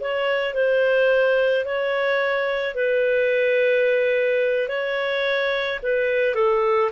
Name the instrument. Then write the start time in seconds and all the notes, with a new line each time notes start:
clarinet
0.00 C#5
0.54 C5
1.65 C#5
2.75 B4
4.69 C#5
5.83 B4
6.35 A4